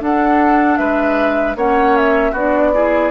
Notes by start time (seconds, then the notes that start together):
0.00 D4 A4 F#5
0.77 G#3 B4 E5
1.56 A#3 C#4 C#5 F#5
1.96 E5
2.32 B3 D4 F#4 D5
2.74 E4 G#4